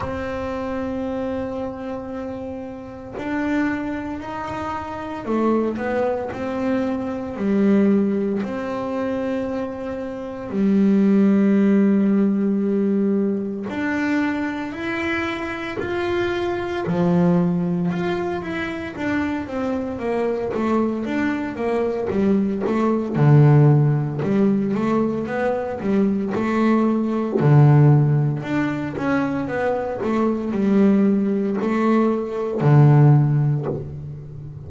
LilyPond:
\new Staff \with { instrumentName = "double bass" } { \time 4/4 \tempo 4 = 57 c'2. d'4 | dis'4 a8 b8 c'4 g4 | c'2 g2~ | g4 d'4 e'4 f'4 |
f4 f'8 e'8 d'8 c'8 ais8 a8 | d'8 ais8 g8 a8 d4 g8 a8 | b8 g8 a4 d4 d'8 cis'8 | b8 a8 g4 a4 d4 | }